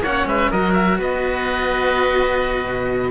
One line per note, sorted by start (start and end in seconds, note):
0.00 0.24 A#3
0.00 0.53 C#4
0.00 0.26 C#5
0.00 0.27 F#5
0.26 0.49 G#3
0.26 0.51 B4
0.26 0.51 E5
0.51 0.99 F#3
0.51 3.11 F#4
0.51 0.98 A#4
0.51 0.73 D#5
0.73 0.97 E5
0.98 2.65 B3
0.98 3.11 B4
0.98 3.11 D#5
2.65 3.11 B2